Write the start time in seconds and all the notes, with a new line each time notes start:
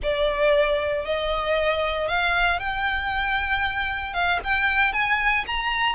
0.03 D5
1.05 D#5
2.08 F5
2.59 G5
4.13 F5
4.44 G5
4.93 G#5
5.46 A#5